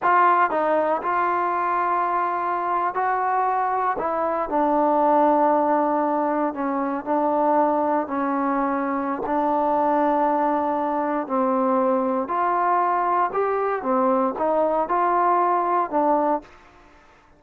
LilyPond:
\new Staff \with { instrumentName = "trombone" } { \time 4/4 \tempo 4 = 117 f'4 dis'4 f'2~ | f'4.~ f'16 fis'2 e'16~ | e'8. d'2.~ d'16~ | d'8. cis'4 d'2 cis'16~ |
cis'2 d'2~ | d'2 c'2 | f'2 g'4 c'4 | dis'4 f'2 d'4 | }